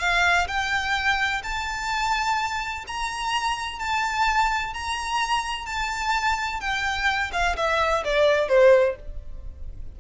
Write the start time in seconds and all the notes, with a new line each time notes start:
0.00 F5
0.48 G5
1.43 A5
2.87 A#5
3.79 A5
4.74 A#5
5.66 A5
6.61 G5
7.33 F5
7.57 E5
8.04 D5
8.48 C5